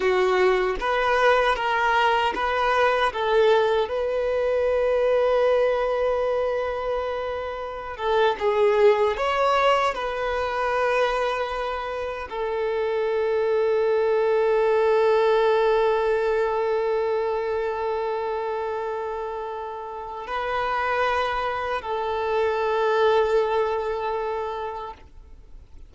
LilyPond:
\new Staff \with { instrumentName = "violin" } { \time 4/4 \tempo 4 = 77 fis'4 b'4 ais'4 b'4 | a'4 b'2.~ | b'2~ b'16 a'8 gis'4 cis''16~ | cis''8. b'2. a'16~ |
a'1~ | a'1~ | a'2 b'2 | a'1 | }